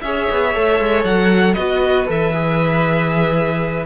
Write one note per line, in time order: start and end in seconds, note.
0.00 0.28 C#4
0.00 0.54 G#4
0.00 1.55 C#5
0.00 1.03 E5
0.30 0.55 B3
0.54 0.80 A3
0.54 1.57 A4
0.80 1.04 G#3
1.04 1.55 F#3
1.04 1.54 F#5
1.54 2.08 B3
1.54 2.07 F#4
1.54 3.85 B4
1.54 2.05 D#5
2.07 3.86 E3
2.07 2.32 A4
2.07 3.86 E5
2.32 3.86 G#4